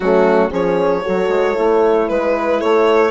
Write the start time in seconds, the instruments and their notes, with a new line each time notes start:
0.00 bassoon F#3, horn A3 C#4, violin F#4
0.50 bassoon F3, horn C#4 G#4, violin C#5
1.03 bassoon F#3, horn F#4 A4
1.29 bassoon G#3
1.54 bassoon A3, horn E4
2.08 bassoon G#3, horn B4, violin B4
2.58 bassoon A3, horn A4, violin C#5